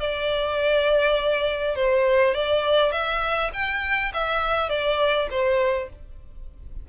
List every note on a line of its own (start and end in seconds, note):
0.00 1.76 D5
1.76 2.34 C5
2.34 2.92 D5
2.92 3.51 E5
3.53 4.12 G5
4.14 4.69 E5
4.69 5.28 D5
5.30 5.89 C5